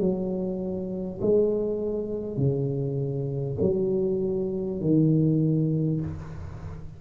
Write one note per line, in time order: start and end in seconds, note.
0.00 1.20 F#3
1.22 2.37 G#3
2.37 3.57 C#3
3.61 4.81 F#3
4.81 6.01 D#3